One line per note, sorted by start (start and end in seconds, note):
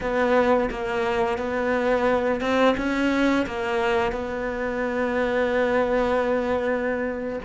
0.00 0.69 B3
0.70 1.38 A#3
1.38 2.40 B3
2.40 2.75 C4
2.77 3.46 C#4
3.46 4.12 A#3
4.12 7.39 B3